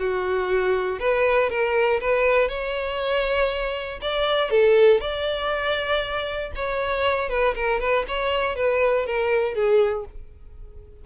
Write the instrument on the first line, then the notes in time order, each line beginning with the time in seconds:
violin
0.00 F#4
1.00 B4
1.50 A#4
2.01 B4
2.49 C#5
4.02 D5
4.51 A4
5.01 D5
6.56 C#5
7.30 B4
7.55 A#4
7.81 B4
8.08 C#5
8.56 B4
9.07 A#4
9.55 G#4